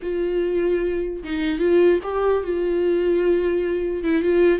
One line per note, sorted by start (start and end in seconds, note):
0.02 1.23 F4
1.23 1.59 D#4
1.59 1.99 F4
2.03 2.43 G4
2.43 4.03 F4
4.03 4.22 E4
4.22 4.59 F4